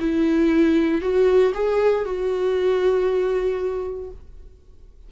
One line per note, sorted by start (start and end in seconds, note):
0.00 1.02 E4
1.02 1.53 F#4
1.55 2.05 G#4
2.05 4.10 F#4